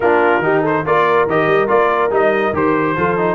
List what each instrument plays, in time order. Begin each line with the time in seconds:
0.00 tuba A#3, trombone D4, horn F4, trumpet A#4
0.38 tuba D#3, trombone D#4, horn G4
0.61 horn A4, trumpet C5
0.85 tuba A#3, trombone F4, horn A#4, trumpet D5
1.26 tuba D#3, trombone G4, trumpet D#5
1.46 tuba G3
1.67 tuba A#3, trombone F4, trumpet D5
2.10 tuba G3, trombone D#4, trumpet D#5
2.52 tuba D#3, trombone G4, trumpet C5
2.96 tuba F3, trombone F4, horn A4
3.17 trombone D#4